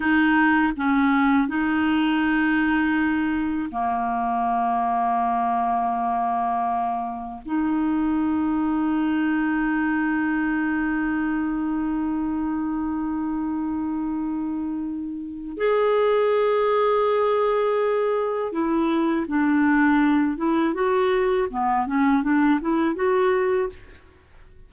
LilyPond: \new Staff \with { instrumentName = "clarinet" } { \time 4/4 \tempo 4 = 81 dis'4 cis'4 dis'2~ | dis'4 ais2.~ | ais2 dis'2~ | dis'1~ |
dis'1~ | dis'4 gis'2.~ | gis'4 e'4 d'4. e'8 | fis'4 b8 cis'8 d'8 e'8 fis'4 | }